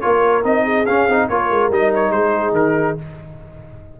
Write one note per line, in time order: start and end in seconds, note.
0.00 0.44 A#3
0.00 0.43 F4
0.00 0.63 A#4
0.00 0.42 C#5
0.43 0.86 C4
0.43 0.85 D#4
0.43 0.86 D#5
0.63 1.27 G#4
0.86 1.09 C#4
0.86 1.07 C#4
0.86 1.28 F5
1.07 1.29 C4
1.07 1.30 D#4
1.28 1.50 A#3
1.28 1.71 F4
1.28 2.13 A#4
1.28 1.70 C#5
1.50 1.70 G#3
1.70 2.10 G3
1.70 2.98 D#4
1.70 1.93 D#5
1.95 2.11 C#5
2.10 2.52 G#3
2.10 3.00 G#4
2.10 2.53 C5
2.52 2.94 D#3
2.52 2.97 A#4